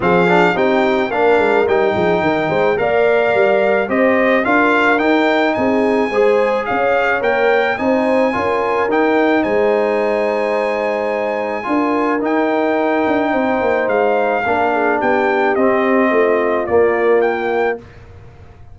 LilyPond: <<
  \new Staff \with { instrumentName = "trumpet" } { \time 4/4 \tempo 4 = 108 f''4 g''4 f''4 g''4~ | g''4 f''2 dis''4 | f''4 g''4 gis''2 | f''4 g''4 gis''2 |
g''4 gis''2.~ | gis''2 g''2~ | g''4 f''2 g''4 | dis''2 d''4 g''4 | }
  \new Staff \with { instrumentName = "horn" } { \time 4/4 gis'4 g'4 ais'4. gis'8 | ais'8 c''8 d''2 c''4 | ais'2 gis'4 c''4 | cis''2 c''4 ais'4~ |
ais'4 c''2.~ | c''4 ais'2. | c''2 ais'8 gis'8 g'4~ | g'4 f'2. | }
  \new Staff \with { instrumentName = "trombone" } { \time 4/4 c'8 d'8 dis'4 d'4 dis'4~ | dis'4 ais'2 g'4 | f'4 dis'2 gis'4~ | gis'4 ais'4 dis'4 f'4 |
dis'1~ | dis'4 f'4 dis'2~ | dis'2 d'2 | c'2 ais2 | }
  \new Staff \with { instrumentName = "tuba" } { \time 4/4 f4 c'4 ais8 gis8 g8 f8 | dis8 gis8 ais4 g4 c'4 | d'4 dis'4 c'4 gis4 | cis'4 ais4 c'4 cis'4 |
dis'4 gis2.~ | gis4 d'4 dis'4. d'8 | c'8 ais8 gis4 ais4 b4 | c'4 a4 ais2 | }
>>